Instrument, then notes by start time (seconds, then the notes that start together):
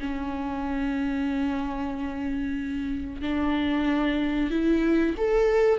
viola
0.00 C#4
3.22 D4
4.51 E4
5.18 A4